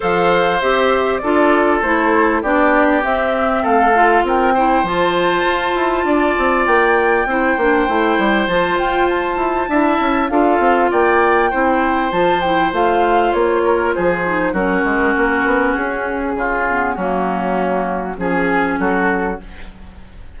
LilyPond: <<
  \new Staff \with { instrumentName = "flute" } { \time 4/4 \tempo 4 = 99 f''4 e''4 d''4 c''4 | d''4 e''4 f''4 g''4 | a''2. g''4~ | g''2 a''8 g''8 a''4~ |
a''4 f''4 g''2 | a''8 g''8 f''4 cis''4 c''4 | ais'2 gis'2 | fis'2 gis'4 a'4 | }
  \new Staff \with { instrumentName = "oboe" } { \time 4/4 c''2 a'2 | g'2 a'4 ais'8 c''8~ | c''2 d''2 | c''1 |
e''4 a'4 d''4 c''4~ | c''2~ c''8 ais'8 gis'4 | fis'2. f'4 | cis'2 gis'4 fis'4 | }
  \new Staff \with { instrumentName = "clarinet" } { \time 4/4 a'4 g'4 f'4 e'4 | d'4 c'4. f'4 e'8 | f'1 | e'8 d'8 e'4 f'2 |
e'4 f'2 e'4 | f'8 e'8 f'2~ f'8 dis'8 | cis'2.~ cis'8 b8 | ais2 cis'2 | }
  \new Staff \with { instrumentName = "bassoon" } { \time 4/4 f4 c'4 d'4 a4 | b4 c'4 a4 c'4 | f4 f'8 e'8 d'8 c'8 ais4 | c'8 ais8 a8 g8 f8 f'4 e'8 |
d'8 cis'8 d'8 c'8 ais4 c'4 | f4 a4 ais4 f4 | fis8 gis8 ais8 b8 cis'4 cis4 | fis2 f4 fis4 | }
>>